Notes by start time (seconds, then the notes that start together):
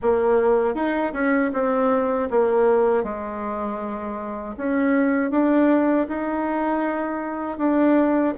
0.01 A#3
0.74 D#4
1.13 C#4
1.53 C4
2.30 A#3
3.03 G#3
4.57 C#4
5.31 D4
6.08 D#4
7.57 D4